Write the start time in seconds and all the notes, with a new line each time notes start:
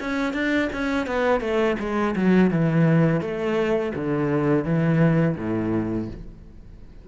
0.00 C#4
0.33 D4
0.72 C#4
1.06 B3
1.40 A3
1.79 G#3
2.16 F#3
2.50 E3
3.21 A3
3.95 D3
4.64 E3
5.36 A2